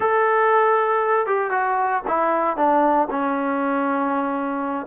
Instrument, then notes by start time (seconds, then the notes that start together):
trombone
0.00 A4
1.26 G4
1.51 F#4
2.07 E4
2.56 D4
3.10 C#4